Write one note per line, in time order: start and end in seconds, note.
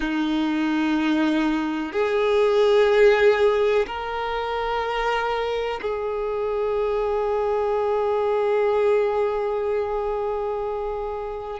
0.00 1.92 D#4
1.92 3.86 G#4
3.87 5.80 A#4
5.81 11.60 G#4